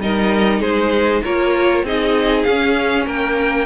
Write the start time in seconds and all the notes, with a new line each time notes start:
0.00 G3 D#4 A#4 D#5
0.60 G#3 G#4 C5
1.25 A#3 F4 A#4 C#5
1.84 C4 D#4 G#4 D#5
2.44 C#4 F5
3.07 A#3 A#4 G5